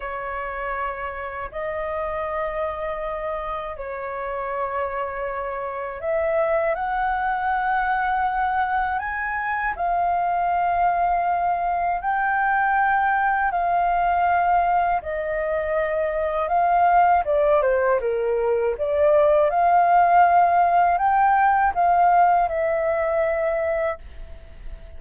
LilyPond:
\new Staff \with { instrumentName = "flute" } { \time 4/4 \tempo 4 = 80 cis''2 dis''2~ | dis''4 cis''2. | e''4 fis''2. | gis''4 f''2. |
g''2 f''2 | dis''2 f''4 d''8 c''8 | ais'4 d''4 f''2 | g''4 f''4 e''2 | }